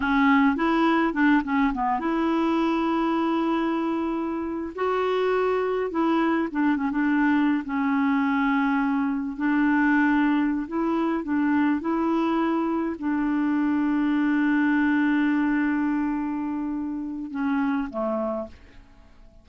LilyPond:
\new Staff \with { instrumentName = "clarinet" } { \time 4/4 \tempo 4 = 104 cis'4 e'4 d'8 cis'8 b8 e'8~ | e'1~ | e'16 fis'2 e'4 d'8 cis'16 | d'4~ d'16 cis'2~ cis'8.~ |
cis'16 d'2~ d'16 e'4 d'8~ | d'8 e'2 d'4.~ | d'1~ | d'2 cis'4 a4 | }